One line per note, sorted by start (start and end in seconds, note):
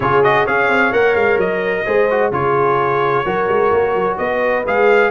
0.00 0.47 C#3
0.00 0.23 F4
0.00 0.44 G#4
0.00 0.23 C#5
0.23 0.46 F#4
0.23 0.46 D#5
0.44 0.68 C#4
0.44 0.92 G#4
0.44 1.84 C#5
0.44 0.92 F5
0.68 0.91 C4
0.92 1.15 A#3
0.92 1.85 A#4
0.92 1.15 F#5
1.15 1.37 G#3
1.15 1.38 F5
1.37 1.83 F#3
1.37 2.32 D#5
1.85 2.31 G#3
1.85 2.08 G#4
1.85 2.32 C5
2.10 2.32 F#4
2.31 3.24 C#3
2.31 3.25 F4
2.31 3.24 G#4
2.31 4.17 C#5
3.24 3.48 F#3
3.24 4.64 F#4
3.24 4.17 A#4
3.48 3.71 G#3
3.72 3.94 A#3
3.94 4.18 F#3
4.17 4.65 B3
4.17 5.10 B4
4.17 4.64 D#5
4.66 5.10 G#3
4.66 5.10 G#4
4.66 5.10 F5